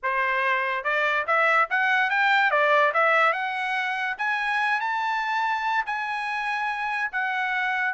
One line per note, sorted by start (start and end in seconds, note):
0.02 0.83 C5
0.83 1.25 D5
1.27 1.68 E5
1.70 2.10 F#5
2.10 2.50 G5
2.50 2.92 D5
2.93 3.33 E5
3.33 4.16 F#5
4.18 4.80 G#5
4.80 5.84 A5
5.85 7.10 G#5
7.12 7.93 F#5